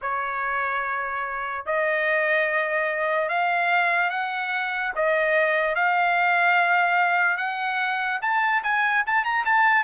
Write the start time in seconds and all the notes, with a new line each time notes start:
0.01 C#5
1.65 D#5
3.28 F5
4.10 F#5
4.95 D#5
5.75 F5
7.37 F#5
8.21 A5
8.63 G#5
9.06 A5
9.24 A#5
9.45 A5